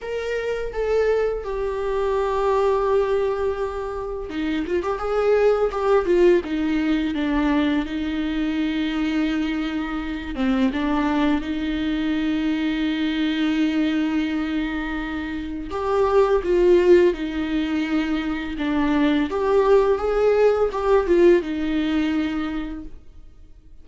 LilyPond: \new Staff \with { instrumentName = "viola" } { \time 4/4 \tempo 4 = 84 ais'4 a'4 g'2~ | g'2 dis'8 f'16 g'16 gis'4 | g'8 f'8 dis'4 d'4 dis'4~ | dis'2~ dis'8 c'8 d'4 |
dis'1~ | dis'2 g'4 f'4 | dis'2 d'4 g'4 | gis'4 g'8 f'8 dis'2 | }